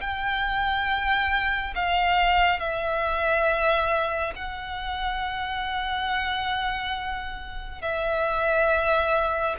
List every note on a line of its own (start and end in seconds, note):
0.00 1.74 G5
1.75 2.59 F5
2.59 4.33 E5
4.35 7.81 F#5
7.81 9.55 E5